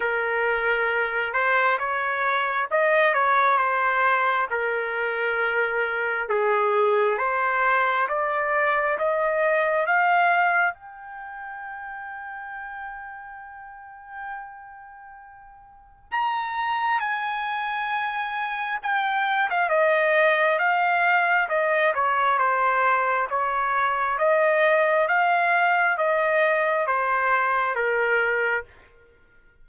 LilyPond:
\new Staff \with { instrumentName = "trumpet" } { \time 4/4 \tempo 4 = 67 ais'4. c''8 cis''4 dis''8 cis''8 | c''4 ais'2 gis'4 | c''4 d''4 dis''4 f''4 | g''1~ |
g''2 ais''4 gis''4~ | gis''4 g''8. f''16 dis''4 f''4 | dis''8 cis''8 c''4 cis''4 dis''4 | f''4 dis''4 c''4 ais'4 | }